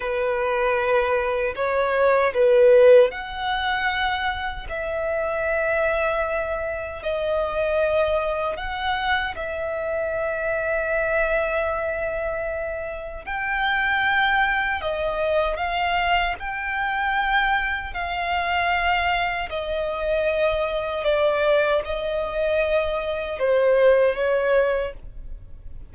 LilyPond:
\new Staff \with { instrumentName = "violin" } { \time 4/4 \tempo 4 = 77 b'2 cis''4 b'4 | fis''2 e''2~ | e''4 dis''2 fis''4 | e''1~ |
e''4 g''2 dis''4 | f''4 g''2 f''4~ | f''4 dis''2 d''4 | dis''2 c''4 cis''4 | }